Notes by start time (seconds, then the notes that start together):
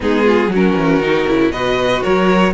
0.00 G#3 B3 D#4 G#4
0.24 F4
0.48 F#3 F#4
0.54 C#4 A#4
0.76 E3
1.00 D#3 D#4
1.27 C#3 E4
1.50 B2 F#4 B4 D#5
2.02 F#3 A#4 C#5